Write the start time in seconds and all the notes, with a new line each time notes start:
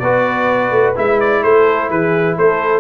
0.00 B3 F#4 B4 D5
0.71 A3
0.96 G#3 E4 E5
1.20 D5
1.44 A3 A4 C5
1.90 E3 G#4 B4
2.36 A3 A4 C5